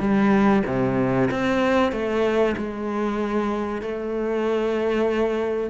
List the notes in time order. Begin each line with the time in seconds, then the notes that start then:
0.00 G3
0.67 C3
1.31 C4
1.93 A3
2.58 G#3
3.82 A3